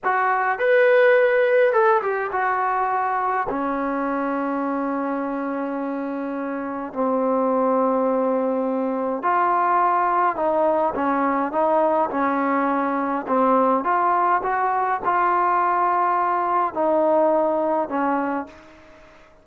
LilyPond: \new Staff \with { instrumentName = "trombone" } { \time 4/4 \tempo 4 = 104 fis'4 b'2 a'8 g'8 | fis'2 cis'2~ | cis'1 | c'1 |
f'2 dis'4 cis'4 | dis'4 cis'2 c'4 | f'4 fis'4 f'2~ | f'4 dis'2 cis'4 | }